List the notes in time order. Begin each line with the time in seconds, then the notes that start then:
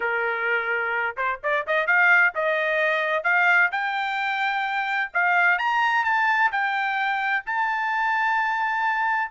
0.00 A#4
1.16 C5
1.43 D5
1.66 D#5
1.86 F5
2.34 D#5
3.23 F5
3.71 G5
5.13 F5
5.58 A#5
6.04 A5
6.51 G5
7.45 A5